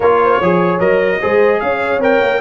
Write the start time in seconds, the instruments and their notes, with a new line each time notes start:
0.00 tuba A#3, trombone F4, horn A#4, trumpet C#5
0.23 horn C5
0.38 tuba F3, trombone G#4, horn C#5
0.79 tuba F#3, trombone A#4, trumpet D#5
1.21 tuba G#3, trombone G#4, horn C5
1.60 tuba C#4, horn C#5, trumpet F5
1.98 tuba C4, trombone A#4, trumpet G5
2.21 tuba A#3